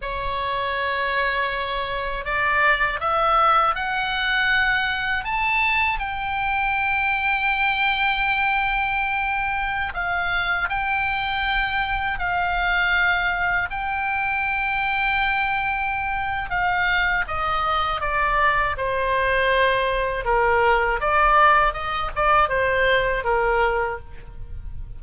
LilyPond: \new Staff \with { instrumentName = "oboe" } { \time 4/4 \tempo 4 = 80 cis''2. d''4 | e''4 fis''2 a''4 | g''1~ | g''4~ g''16 f''4 g''4.~ g''16~ |
g''16 f''2 g''4.~ g''16~ | g''2 f''4 dis''4 | d''4 c''2 ais'4 | d''4 dis''8 d''8 c''4 ais'4 | }